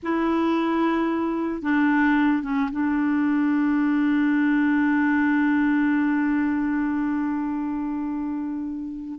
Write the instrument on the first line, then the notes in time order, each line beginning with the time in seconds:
clarinet
0.02 E4
1.62 D4
2.43 C#4
2.71 D4